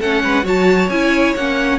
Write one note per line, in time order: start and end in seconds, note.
0.00 0.23 A3
0.00 0.44 C#4
0.00 0.23 A4
0.00 0.46 F#5
0.24 0.45 G#3
0.24 0.45 B4
0.44 0.89 F#3
0.44 0.89 F#4
0.44 1.79 C#5
0.44 0.89 A5
0.89 1.34 C#4
0.89 1.37 E4
0.89 1.35 G#5
1.36 1.79 A#3
1.36 1.79 C#4
1.36 1.79 F#5